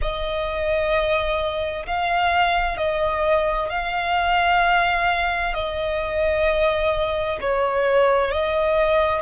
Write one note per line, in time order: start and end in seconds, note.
0.01 1.86 D#5
1.86 2.77 F5
2.77 3.69 D#5
3.69 5.54 F5
5.54 7.38 D#5
7.41 8.31 C#5
8.31 9.21 D#5